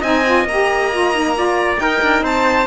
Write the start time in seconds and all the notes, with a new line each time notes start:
0.00 C4 D#4 D#5 G#5
0.25 F4
0.44 A#3 A#5
0.50 G4
0.92 F4
1.14 D#4
1.36 F4 D5
1.77 D#4 A#4 G5
2.02 D4
2.21 C4 C5 A5